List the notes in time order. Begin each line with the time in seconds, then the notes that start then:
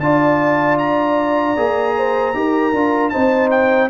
0.00 D4 F4 D5 A5
0.78 A#5
1.57 A#3 G#4
1.97 C5
2.34 D#4 G4 A#4
2.73 D4 F4
3.10 C4 D#4 C5 A5
3.51 G5